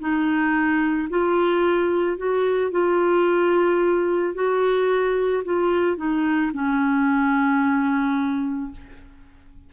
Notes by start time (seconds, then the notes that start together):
0.00 D#4
1.10 F4
2.18 F#4
2.72 F4
4.35 F#4
5.44 F4
5.98 D#4
6.54 C#4